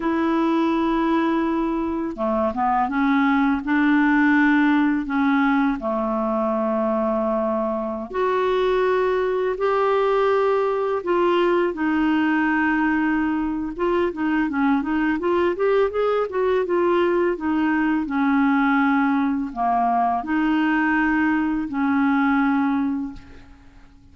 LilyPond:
\new Staff \with { instrumentName = "clarinet" } { \time 4/4 \tempo 4 = 83 e'2. a8 b8 | cis'4 d'2 cis'4 | a2.~ a16 fis'8.~ | fis'4~ fis'16 g'2 f'8.~ |
f'16 dis'2~ dis'8. f'8 dis'8 | cis'8 dis'8 f'8 g'8 gis'8 fis'8 f'4 | dis'4 cis'2 ais4 | dis'2 cis'2 | }